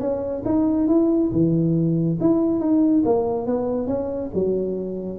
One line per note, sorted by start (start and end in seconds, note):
0.00 0.43 C#4
0.46 0.88 D#4
0.88 1.31 E4
1.33 2.19 E3
2.21 2.61 E4
2.61 3.04 D#4
3.06 3.47 A#3
3.47 3.88 B3
3.88 4.31 C#4
4.35 5.19 F#3